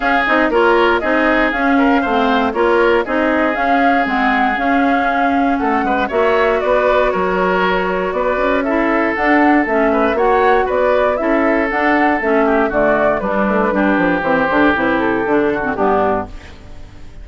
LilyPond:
<<
  \new Staff \with { instrumentName = "flute" } { \time 4/4 \tempo 4 = 118 f''8 dis''8 cis''4 dis''4 f''4~ | f''4 cis''4 dis''4 f''4 | fis''4 f''2 fis''4 | e''4 d''4 cis''2 |
d''4 e''4 fis''4 e''4 | fis''4 d''4 e''4 fis''4 | e''4 d''4 b'2 | c''4 b'8 a'4. g'4 | }
  \new Staff \with { instrumentName = "oboe" } { \time 4/4 gis'4 ais'4 gis'4. ais'8 | c''4 ais'4 gis'2~ | gis'2. a'8 b'8 | cis''4 b'4 ais'2 |
b'4 a'2~ a'8 b'8 | cis''4 b'4 a'2~ | a'8 g'8 fis'4 d'4 g'4~ | g'2~ g'8 fis'8 d'4 | }
  \new Staff \with { instrumentName = "clarinet" } { \time 4/4 cis'8 dis'8 f'4 dis'4 cis'4 | c'4 f'4 dis'4 cis'4 | c'4 cis'2. | fis'1~ |
fis'4 e'4 d'4 cis'4 | fis'2 e'4 d'4 | cis'4 a4 g4 d'4 | c'8 d'8 e'4 d'8. c'16 b4 | }
  \new Staff \with { instrumentName = "bassoon" } { \time 4/4 cis'8 c'8 ais4 c'4 cis'4 | a4 ais4 c'4 cis'4 | gis4 cis'2 a8 gis8 | ais4 b4 fis2 |
b8 cis'4. d'4 a4 | ais4 b4 cis'4 d'4 | a4 d4 g8 a8 g8 f8 | e8 d8 c4 d4 g,4 | }
>>